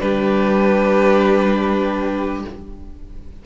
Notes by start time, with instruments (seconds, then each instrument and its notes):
0.00 cello G3, viola D4, violin G4 B4